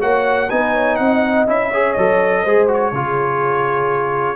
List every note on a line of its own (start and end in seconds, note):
0.00 0.51 A#3
0.00 0.49 F#4
0.00 0.49 C#5
0.00 0.50 F#5
0.50 0.99 B3
0.50 1.47 D#4
0.50 0.74 B4
0.50 0.96 G#5
0.74 0.98 C#5
0.96 1.48 C4
0.96 1.70 D#5
0.96 1.45 F#5
1.47 1.97 C#4
1.47 1.72 E4
1.47 1.93 E5
1.70 1.98 G#4
1.70 2.43 C#5
1.93 2.46 F#3
1.93 2.47 A4
1.93 2.66 D#5
2.43 2.93 G#3
2.43 2.68 G#4
2.43 2.92 C5
2.68 2.92 F#4
2.68 4.37 C#5
2.93 4.37 C#3
2.93 4.37 F4
2.93 4.37 G#4